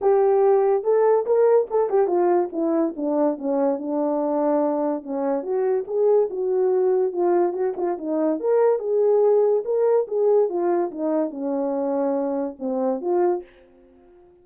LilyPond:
\new Staff \with { instrumentName = "horn" } { \time 4/4 \tempo 4 = 143 g'2 a'4 ais'4 | a'8 g'8 f'4 e'4 d'4 | cis'4 d'2. | cis'4 fis'4 gis'4 fis'4~ |
fis'4 f'4 fis'8 f'8 dis'4 | ais'4 gis'2 ais'4 | gis'4 f'4 dis'4 cis'4~ | cis'2 c'4 f'4 | }